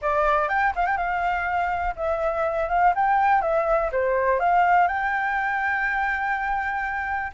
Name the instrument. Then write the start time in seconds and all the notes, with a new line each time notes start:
flute
0.01 D5
0.48 G5
0.75 F5
0.86 G5
0.97 F5
1.96 E5
2.69 F5
2.95 G5
3.41 E5
3.92 C5
4.39 F5
4.87 G5